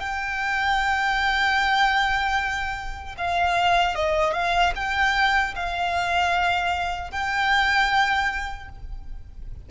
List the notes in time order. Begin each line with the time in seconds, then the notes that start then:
0.00 G5
3.18 F5
3.95 D#5
4.34 F5
4.76 G5
5.56 F5
7.12 G5